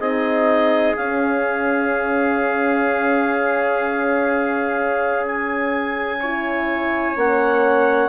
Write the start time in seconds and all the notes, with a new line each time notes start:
0.00 C4 D#4 G#4 D#5
0.97 C#4 F5
5.27 G#5
6.21 E4 C#5
7.16 A#3 C#4 F#5